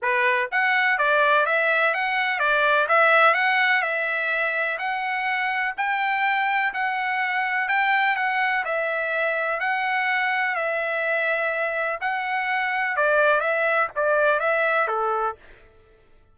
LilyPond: \new Staff \with { instrumentName = "trumpet" } { \time 4/4 \tempo 4 = 125 b'4 fis''4 d''4 e''4 | fis''4 d''4 e''4 fis''4 | e''2 fis''2 | g''2 fis''2 |
g''4 fis''4 e''2 | fis''2 e''2~ | e''4 fis''2 d''4 | e''4 d''4 e''4 a'4 | }